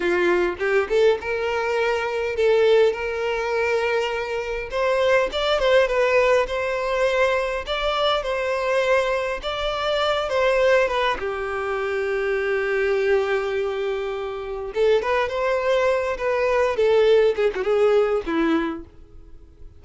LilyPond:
\new Staff \with { instrumentName = "violin" } { \time 4/4 \tempo 4 = 102 f'4 g'8 a'8 ais'2 | a'4 ais'2. | c''4 d''8 c''8 b'4 c''4~ | c''4 d''4 c''2 |
d''4. c''4 b'8 g'4~ | g'1~ | g'4 a'8 b'8 c''4. b'8~ | b'8 a'4 gis'16 fis'16 gis'4 e'4 | }